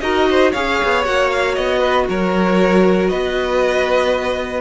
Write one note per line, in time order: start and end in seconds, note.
0.00 0.52 D#4
0.00 0.53 F#4
0.00 0.29 A#4
0.00 0.51 D#5
0.30 0.52 C5
0.52 0.81 C#4
0.52 1.04 G#4
0.52 1.79 C#5
0.52 1.04 F5
0.83 1.06 B3
1.04 1.57 A#3
1.04 4.61 F#4
1.04 1.30 F#5
1.30 1.55 F5
1.55 2.08 B3
1.55 2.06 D#5
1.79 2.04 B4
2.09 3.11 F#3
2.09 3.10 A#4
2.09 3.08 C#5
3.08 4.61 B3
3.08 4.61 B4
3.08 4.61 D#5